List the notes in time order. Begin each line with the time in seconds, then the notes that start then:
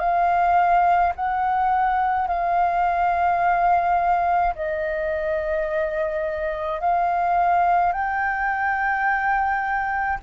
0.00 F5
1.16 F#5
2.28 F5
4.55 D#5
6.81 F5
7.93 G5